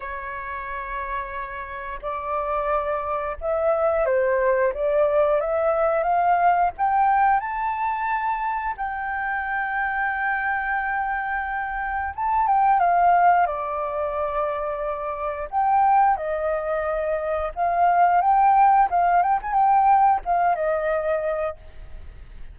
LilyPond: \new Staff \with { instrumentName = "flute" } { \time 4/4 \tempo 4 = 89 cis''2. d''4~ | d''4 e''4 c''4 d''4 | e''4 f''4 g''4 a''4~ | a''4 g''2.~ |
g''2 a''8 g''8 f''4 | d''2. g''4 | dis''2 f''4 g''4 | f''8 g''16 gis''16 g''4 f''8 dis''4. | }